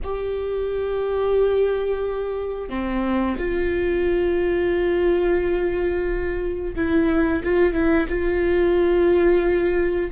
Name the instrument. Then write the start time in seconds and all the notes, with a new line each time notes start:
viola
0.03 G4
2.69 C4
3.38 F4
6.75 E4
7.43 F4
7.73 E4
8.09 F4